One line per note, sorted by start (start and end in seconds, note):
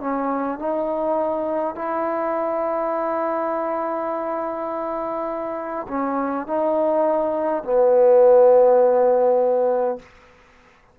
0.00 0.59 C#4
0.59 1.75 D#4
1.75 5.87 E4
5.88 6.47 C#4
6.47 7.64 D#4
7.64 9.99 B3